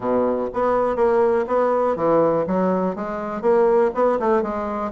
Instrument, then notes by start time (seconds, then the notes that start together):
bassoon
0.00 B2
0.53 B3
0.96 A#3
1.47 B3
1.96 E3
2.47 F#3
2.95 G#3
3.41 A#3
3.94 B3
4.19 A3
4.42 G#3